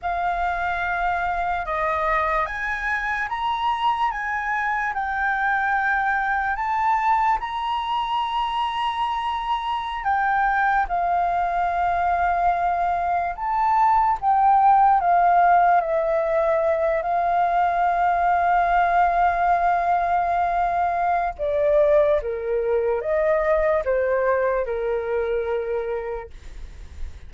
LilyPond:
\new Staff \with { instrumentName = "flute" } { \time 4/4 \tempo 4 = 73 f''2 dis''4 gis''4 | ais''4 gis''4 g''2 | a''4 ais''2.~ | ais''16 g''4 f''2~ f''8.~ |
f''16 a''4 g''4 f''4 e''8.~ | e''8. f''2.~ f''16~ | f''2 d''4 ais'4 | dis''4 c''4 ais'2 | }